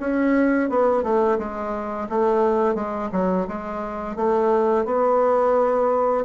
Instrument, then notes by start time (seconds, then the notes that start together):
bassoon
0.00 C#4
0.69 B3
1.03 A3
1.38 G#3
2.09 A3
2.75 G#3
3.12 F#3
3.48 G#3
4.16 A3
4.85 B3